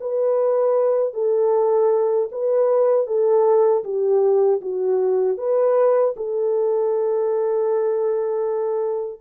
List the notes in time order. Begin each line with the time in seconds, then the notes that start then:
0.00 B4
1.14 A4
2.31 B4
3.07 A4
3.84 G4
4.61 F#4
5.37 B4
6.16 A4